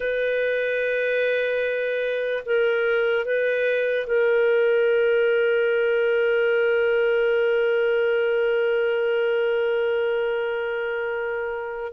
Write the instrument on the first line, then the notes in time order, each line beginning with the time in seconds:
clarinet
0.00 B4
2.45 A#4
3.25 B4
4.07 A#4